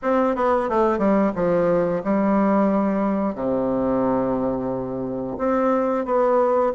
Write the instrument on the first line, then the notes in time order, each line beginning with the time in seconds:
bassoon
0.02 C4
0.35 B3
0.69 A3
0.98 G3
1.35 F3
2.04 G3
3.35 C3
5.38 C4
6.05 B3